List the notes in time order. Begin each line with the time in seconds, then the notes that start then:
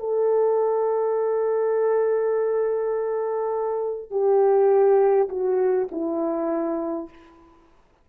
0.00 A4
4.11 G4
5.29 F#4
5.92 E4